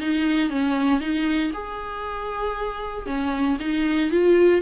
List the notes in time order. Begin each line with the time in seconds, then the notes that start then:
0.00 D#4
0.50 C#4
1.00 D#4
1.53 G#4
3.06 C#4
3.60 D#4
4.11 F4